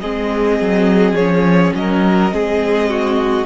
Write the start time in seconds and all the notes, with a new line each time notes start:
0.00 G#3 C4 G#4 D#5
0.60 F#3
1.12 F3 C#4 C#5
1.74 F#3 A#4 D#5
2.30 G#3 C4 G#4
2.89 F#4